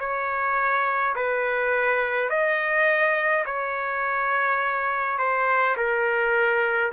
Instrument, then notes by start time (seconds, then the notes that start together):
trumpet
0.00 C#5
1.16 B4
2.30 D#5
3.46 C#5
5.19 C5
5.77 A#4